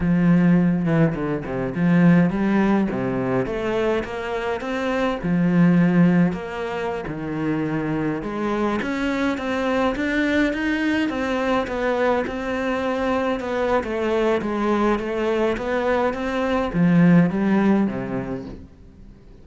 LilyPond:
\new Staff \with { instrumentName = "cello" } { \time 4/4 \tempo 4 = 104 f4. e8 d8 c8 f4 | g4 c4 a4 ais4 | c'4 f2 ais4~ | ais16 dis2 gis4 cis'8.~ |
cis'16 c'4 d'4 dis'4 c'8.~ | c'16 b4 c'2 b8. | a4 gis4 a4 b4 | c'4 f4 g4 c4 | }